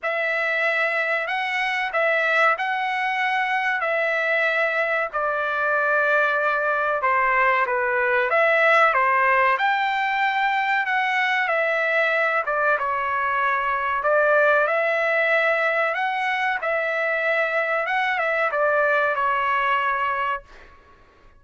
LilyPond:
\new Staff \with { instrumentName = "trumpet" } { \time 4/4 \tempo 4 = 94 e''2 fis''4 e''4 | fis''2 e''2 | d''2. c''4 | b'4 e''4 c''4 g''4~ |
g''4 fis''4 e''4. d''8 | cis''2 d''4 e''4~ | e''4 fis''4 e''2 | fis''8 e''8 d''4 cis''2 | }